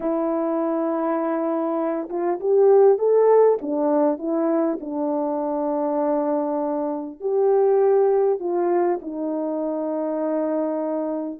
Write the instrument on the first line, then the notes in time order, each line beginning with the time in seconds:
horn
0.00 E4
2.09 F4
2.40 G4
2.98 A4
3.61 D4
4.18 E4
4.80 D4
7.20 G4
8.39 F4
9.01 D#4